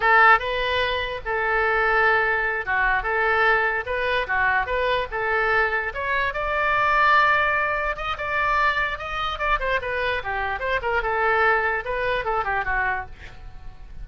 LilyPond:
\new Staff \with { instrumentName = "oboe" } { \time 4/4 \tempo 4 = 147 a'4 b'2 a'4~ | a'2~ a'8 fis'4 a'8~ | a'4. b'4 fis'4 b'8~ | b'8 a'2 cis''4 d''8~ |
d''2.~ d''8 dis''8 | d''2 dis''4 d''8 c''8 | b'4 g'4 c''8 ais'8 a'4~ | a'4 b'4 a'8 g'8 fis'4 | }